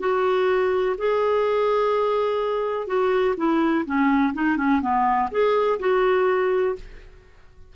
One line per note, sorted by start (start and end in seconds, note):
0.00 0.96 F#4
0.98 2.87 G#4
2.87 3.35 F#4
3.37 3.85 E4
3.86 4.34 C#4
4.34 4.58 D#4
4.58 4.82 C#4
4.82 5.30 B3
5.31 5.79 G#4
5.80 6.76 F#4